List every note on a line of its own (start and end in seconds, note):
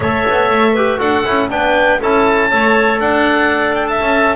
0.00 0.25 A3
0.00 0.76 A4
0.00 0.73 C#5
0.00 1.00 E5
0.29 0.49 B3
0.49 0.99 A3
0.73 0.98 G4
0.73 0.98 B4
0.98 1.25 D4
0.98 1.23 F#4
0.98 1.48 A4
0.98 1.50 F#5
1.24 1.50 C#4
1.24 1.49 E4
1.49 2.00 B3
1.49 1.99 D4
1.49 2.00 B4
1.49 2.00 G5
2.00 2.51 C#4
2.00 2.50 E4
2.00 2.50 A4
2.00 3.00 A5
2.50 2.99 A3
2.50 4.36 A4
2.50 3.00 C#5
2.99 3.99 D4
2.99 3.88 D5
2.99 3.75 F#5
3.75 3.87 G5
3.87 4.36 E5
3.87 4.36 A5
4.00 4.36 C#4